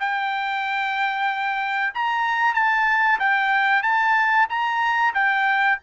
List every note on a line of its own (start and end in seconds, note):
0.00 1.94 G5
1.94 2.55 A#5
2.55 3.19 A5
3.19 3.83 G5
3.83 4.47 A5
4.50 5.14 A#5
5.14 5.79 G5